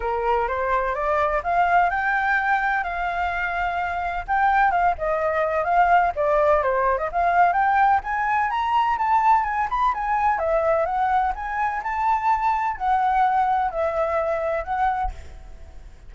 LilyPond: \new Staff \with { instrumentName = "flute" } { \time 4/4 \tempo 4 = 127 ais'4 c''4 d''4 f''4 | g''2 f''2~ | f''4 g''4 f''8 dis''4. | f''4 d''4 c''8. dis''16 f''4 |
g''4 gis''4 ais''4 a''4 | gis''8 b''8 gis''4 e''4 fis''4 | gis''4 a''2 fis''4~ | fis''4 e''2 fis''4 | }